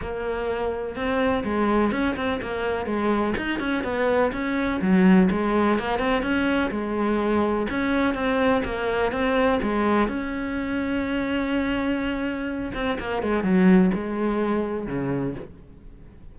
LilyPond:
\new Staff \with { instrumentName = "cello" } { \time 4/4 \tempo 4 = 125 ais2 c'4 gis4 | cis'8 c'8 ais4 gis4 dis'8 cis'8 | b4 cis'4 fis4 gis4 | ais8 c'8 cis'4 gis2 |
cis'4 c'4 ais4 c'4 | gis4 cis'2.~ | cis'2~ cis'8 c'8 ais8 gis8 | fis4 gis2 cis4 | }